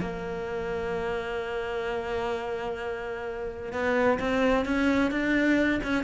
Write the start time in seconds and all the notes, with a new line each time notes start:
0.00 A#3
3.72 B3
4.19 C4
4.65 C#4
5.11 D4
5.83 C#4